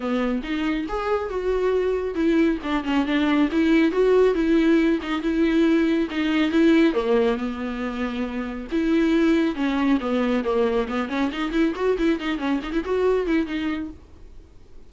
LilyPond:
\new Staff \with { instrumentName = "viola" } { \time 4/4 \tempo 4 = 138 b4 dis'4 gis'4 fis'4~ | fis'4 e'4 d'8 cis'8 d'4 | e'4 fis'4 e'4. dis'8 | e'2 dis'4 e'4 |
ais4 b2. | e'2 cis'4 b4 | ais4 b8 cis'8 dis'8 e'8 fis'8 e'8 | dis'8 cis'8 dis'16 e'16 fis'4 e'8 dis'4 | }